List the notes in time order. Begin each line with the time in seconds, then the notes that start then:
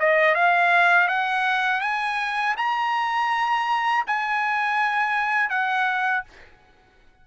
0.00 D#5
0.35 F5
1.09 F#5
1.81 G#5
2.57 A#5
4.07 G#5
5.50 F#5